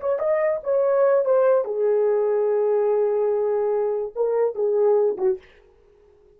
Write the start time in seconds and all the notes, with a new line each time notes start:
0.00 C#5
0.19 D#5
0.63 C#5
1.25 C5
1.64 G#4
4.15 A#4
4.55 G#4
5.17 F#4